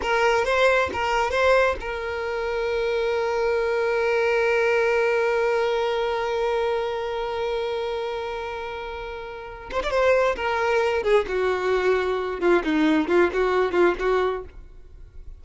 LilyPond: \new Staff \with { instrumentName = "violin" } { \time 4/4 \tempo 4 = 133 ais'4 c''4 ais'4 c''4 | ais'1~ | ais'1~ | ais'1~ |
ais'1~ | ais'4. c''16 d''16 c''4 ais'4~ | ais'8 gis'8 fis'2~ fis'8 f'8 | dis'4 f'8 fis'4 f'8 fis'4 | }